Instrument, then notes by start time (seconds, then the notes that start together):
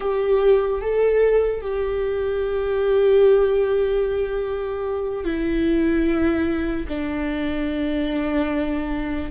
viola
0.00 G4
0.81 A4
1.61 G4
5.24 E4
6.88 D4